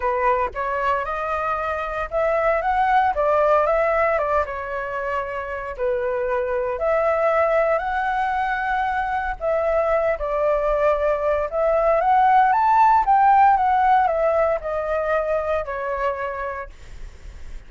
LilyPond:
\new Staff \with { instrumentName = "flute" } { \time 4/4 \tempo 4 = 115 b'4 cis''4 dis''2 | e''4 fis''4 d''4 e''4 | d''8 cis''2~ cis''8 b'4~ | b'4 e''2 fis''4~ |
fis''2 e''4. d''8~ | d''2 e''4 fis''4 | a''4 g''4 fis''4 e''4 | dis''2 cis''2 | }